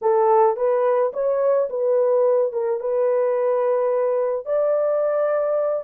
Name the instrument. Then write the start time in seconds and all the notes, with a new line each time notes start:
horn
0.01 A4
0.56 B4
1.13 C#5
1.69 B4
2.52 A#4
2.80 B4
4.45 D5